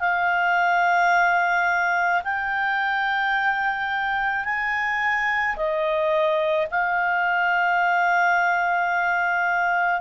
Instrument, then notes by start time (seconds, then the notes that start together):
clarinet
0.00 F5
2.24 G5
4.45 G#5
5.56 D#5
6.71 F5